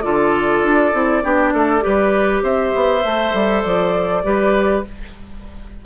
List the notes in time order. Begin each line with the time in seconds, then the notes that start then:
0.00 D3 F4 A4 D5
0.63 D4
0.92 C4 E4
1.23 B3 D4 G4
1.53 A3 A4
1.80 G3 G4 B4
2.42 C4 C5 E5
2.75 B3
3.04 A3 A4
3.33 G3
3.62 F3 D5
4.23 G3 G4 B4